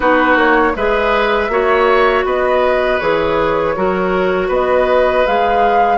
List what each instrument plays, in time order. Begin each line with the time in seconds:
0.00 bassoon B3, clarinet D#4, oboe F#4, flute B4
0.35 bassoon A#3, flute C#5
0.75 bassoon G#3, clarinet G#4, oboe B4, flute E5
1.48 bassoon A#3, clarinet F#4, oboe C#5
2.24 bassoon B3, oboe B4, flute D#5
2.99 bassoon E3, clarinet G#4, flute C#5
3.76 bassoon F#3, clarinet F#4, oboe A#4
4.48 bassoon B3, oboe B4, flute D#5
5.26 bassoon G#3, clarinet G#4, flute F5